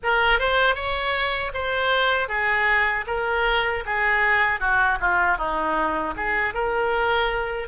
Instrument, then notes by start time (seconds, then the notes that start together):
oboe
0.03 A#4
0.39 C5
0.75 C#5
1.53 C5
2.28 G#4
3.07 A#4
3.85 G#4
4.60 F#4
5.00 F4
5.37 D#4
6.16 G#4
6.54 A#4